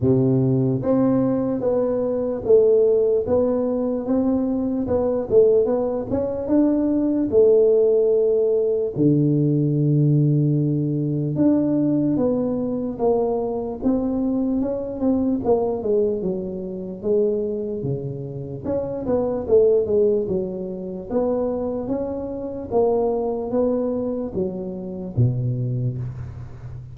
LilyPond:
\new Staff \with { instrumentName = "tuba" } { \time 4/4 \tempo 4 = 74 c4 c'4 b4 a4 | b4 c'4 b8 a8 b8 cis'8 | d'4 a2 d4~ | d2 d'4 b4 |
ais4 c'4 cis'8 c'8 ais8 gis8 | fis4 gis4 cis4 cis'8 b8 | a8 gis8 fis4 b4 cis'4 | ais4 b4 fis4 b,4 | }